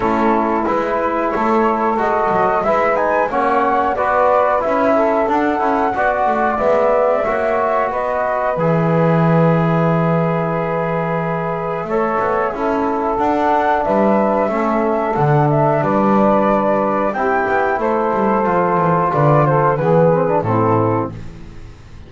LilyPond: <<
  \new Staff \with { instrumentName = "flute" } { \time 4/4 \tempo 4 = 91 a'4 b'4 cis''4 dis''4 | e''8 gis''8 fis''4 d''4 e''4 | fis''2 e''2 | dis''4 e''2.~ |
e''1 | fis''4 e''2 fis''8 e''8 | d''2 g''4 c''4~ | c''4 d''8 c''8 b'4 a'4 | }
  \new Staff \with { instrumentName = "saxophone" } { \time 4/4 e'2 a'2 | b'4 cis''4 b'4. a'8~ | a'4 d''2 cis''4 | b'1~ |
b'2 cis''4 a'4~ | a'4 b'4 a'2 | b'2 g'4 a'4~ | a'4 b'8 a'8 gis'4 e'4 | }
  \new Staff \with { instrumentName = "trombone" } { \time 4/4 cis'4 e'2 fis'4 | e'8 dis'8 cis'4 fis'4 e'4 | d'8 e'8 fis'4 b4 fis'4~ | fis'4 gis'2.~ |
gis'2 a'4 e'4 | d'2 cis'4 d'4~ | d'2 e'2 | f'2 b8 c'16 d'16 c'4 | }
  \new Staff \with { instrumentName = "double bass" } { \time 4/4 a4 gis4 a4 gis8 fis8 | gis4 ais4 b4 cis'4 | d'8 cis'8 b8 a8 gis4 ais4 | b4 e2.~ |
e2 a8 b8 cis'4 | d'4 g4 a4 d4 | g2 c'8 b8 a8 g8 | f8 e8 d4 e4 a,4 | }
>>